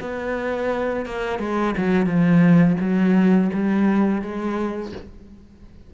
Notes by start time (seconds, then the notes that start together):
0.00 B3
1.05 A#3
1.39 G#3
1.77 F#3
2.06 F3
2.80 F#3
3.53 G3
4.21 G#3